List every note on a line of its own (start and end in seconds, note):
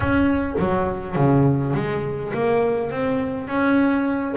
0.00 0.56 C#4
0.58 1.15 F#3
1.15 1.73 C#3
1.74 2.32 G#3
2.33 2.90 A#3
2.90 3.47 C4
3.47 4.35 C#4